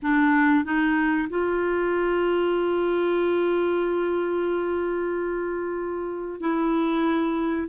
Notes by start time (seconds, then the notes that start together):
0.02 D4
0.64 D#4
1.29 F4
6.40 E4